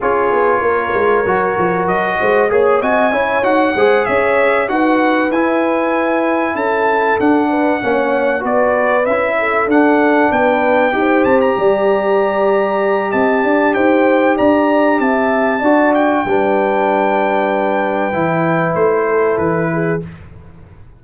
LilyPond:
<<
  \new Staff \with { instrumentName = "trumpet" } { \time 4/4 \tempo 4 = 96 cis''2. dis''4 | gis'8 gis''4 fis''4 e''4 fis''8~ | fis''8 gis''2 a''4 fis''8~ | fis''4. d''4 e''4 fis''8~ |
fis''8 g''4. a''16 ais''4.~ ais''16~ | ais''4 a''4 g''4 ais''4 | a''4. g''2~ g''8~ | g''2 c''4 b'4 | }
  \new Staff \with { instrumentName = "horn" } { \time 4/4 gis'4 ais'2~ ais'8 c''8 | cis''8 dis''8 cis''4 c''8 cis''4 b'8~ | b'2~ b'8 a'4. | b'8 cis''4 b'4. a'4~ |
a'8 b'4 c''4 d''4.~ | d''4 dis''8 d''8 c''4 d''4 | e''4 d''4 b'2~ | b'2~ b'8 a'4 gis'8 | }
  \new Staff \with { instrumentName = "trombone" } { \time 4/4 f'2 fis'2 | gis'8 fis'8 e'8 fis'8 gis'4. fis'8~ | fis'8 e'2. d'8~ | d'8 cis'4 fis'4 e'4 d'8~ |
d'4. g'2~ g'8~ | g'1~ | g'4 fis'4 d'2~ | d'4 e'2. | }
  \new Staff \with { instrumentName = "tuba" } { \time 4/4 cis'8 b8 ais8 gis8 fis8 f8 fis8 gis8 | ais8 c'8 cis'8 dis'8 gis8 cis'4 dis'8~ | dis'8 e'2 cis'4 d'8~ | d'8 ais4 b4 cis'4 d'8~ |
d'8 b4 dis'8 c'8 g4.~ | g4 c'8 d'8 dis'4 d'4 | c'4 d'4 g2~ | g4 e4 a4 e4 | }
>>